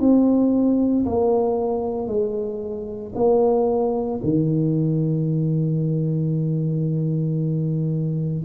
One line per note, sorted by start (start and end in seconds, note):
0.00 1.05 C4
1.06 2.08 A#3
2.08 3.13 G#3
3.15 4.21 A#3
4.23 8.45 D#3